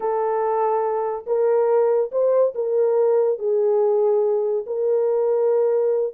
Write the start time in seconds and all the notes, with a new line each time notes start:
0.00 A4
1.26 A#4
2.11 C5
2.54 A#4
3.38 G#4
4.66 A#4